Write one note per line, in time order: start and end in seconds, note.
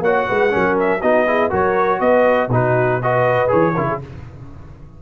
0.00 0.25 A#3
0.00 0.49 F#4
0.00 0.27 C#5
0.00 0.77 F#5
0.27 0.54 G#3
0.27 0.52 B4
0.49 1.02 F#3
0.49 0.99 C#4
0.49 1.01 A#4
0.79 1.01 E5
1.01 1.51 B3
1.01 1.27 D#4
1.01 1.26 F#4
1.01 1.51 D#5
1.27 1.50 E4
1.27 1.49 G#4
1.49 2.00 F#3
1.49 2.49 F#4
1.49 1.99 A#4
1.49 2.00 C#5
2.00 2.48 B3
2.00 2.50 B4
2.00 2.49 D#5
2.48 3.47 B2
2.48 3.01 D#4
2.48 3.02 F#4
2.48 3.02 B4
3.02 3.47 F#4
3.02 3.74 B4
3.02 3.50 D#5
3.47 3.76 E3
3.47 3.72 G#4
3.47 4.00 C#5
3.74 4.01 C#3
3.74 4.01 E4
3.74 3.86 A#4
3.87 3.99 G#4